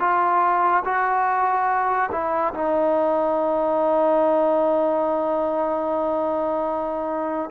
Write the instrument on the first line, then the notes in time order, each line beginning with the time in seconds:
trombone
0.00 F4
0.84 F#4
2.11 E4
2.53 D#4